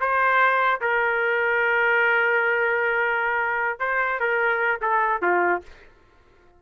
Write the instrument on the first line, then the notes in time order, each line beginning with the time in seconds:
trumpet
0.00 C5
0.81 A#4
3.79 C5
4.20 A#4
4.81 A4
5.21 F4